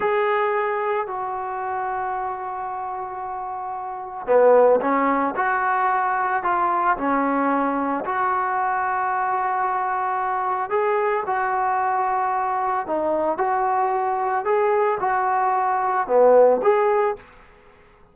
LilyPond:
\new Staff \with { instrumentName = "trombone" } { \time 4/4 \tempo 4 = 112 gis'2 fis'2~ | fis'1 | b4 cis'4 fis'2 | f'4 cis'2 fis'4~ |
fis'1 | gis'4 fis'2. | dis'4 fis'2 gis'4 | fis'2 b4 gis'4 | }